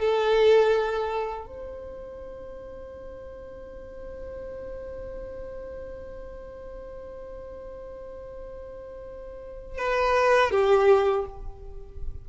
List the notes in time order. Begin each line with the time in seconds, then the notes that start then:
0.00 A4
1.47 C5
9.79 B4
10.52 G4